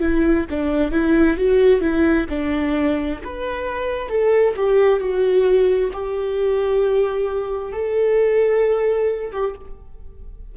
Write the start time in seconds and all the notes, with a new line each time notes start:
0.00 E4
0.50 D4
0.92 E4
1.37 F#4
1.81 E4
2.29 D4
3.24 B4
4.09 A4
4.56 G4
5.00 F#4
5.93 G4
7.72 A4
9.32 G4